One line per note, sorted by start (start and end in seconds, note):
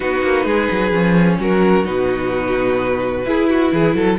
0.00 0.22 B3
0.00 0.92 D#4
0.00 0.45 F#4
0.00 1.37 B4
0.22 0.45 A#3
0.45 0.68 G#3
0.45 1.38 G#4
0.71 0.92 F#3
0.92 1.38 F3
0.92 1.84 C#4
1.39 1.86 F#3
1.39 3.25 F#4
1.39 1.86 A#4
1.84 3.25 B2
1.84 3.24 D#4
1.84 4.19 B4
3.25 3.72 E4
3.25 4.19 E4
3.25 3.49 G#4
3.49 3.72 F#4
3.72 3.94 E3
3.72 3.96 G#4
3.94 4.18 F#3
3.94 4.19 A4